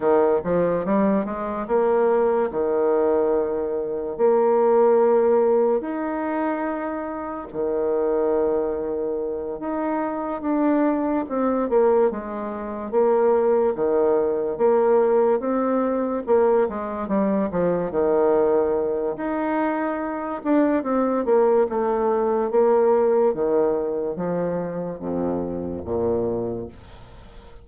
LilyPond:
\new Staff \with { instrumentName = "bassoon" } { \time 4/4 \tempo 4 = 72 dis8 f8 g8 gis8 ais4 dis4~ | dis4 ais2 dis'4~ | dis'4 dis2~ dis8 dis'8~ | dis'8 d'4 c'8 ais8 gis4 ais8~ |
ais8 dis4 ais4 c'4 ais8 | gis8 g8 f8 dis4. dis'4~ | dis'8 d'8 c'8 ais8 a4 ais4 | dis4 f4 f,4 ais,4 | }